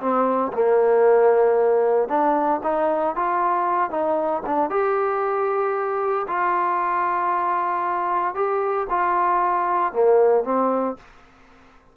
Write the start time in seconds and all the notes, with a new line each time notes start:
0.00 C4
0.53 A#3
2.08 D4
2.63 D#4
3.15 F4
3.90 D#4
4.46 D4
4.70 G4
6.28 F4
8.35 G4
8.90 F4
9.93 A#3
10.44 C4